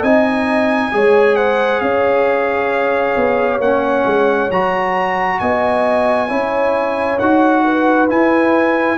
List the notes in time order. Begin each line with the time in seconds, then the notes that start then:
0.00 C4 D#4 D#5 G#5
0.91 G#3 G#4 C#5
1.36 C5 F#5
1.80 C#4 C#5 F5
3.15 B3
3.59 A#3 C#4 F#5
4.04 G#3
4.51 F#3 F#4 A#5
5.39 B3 D#5 G#5
6.28 C#4 E4 C#5
7.18 D#4 F#4 F#5
7.64 B4
8.08 E4 G#5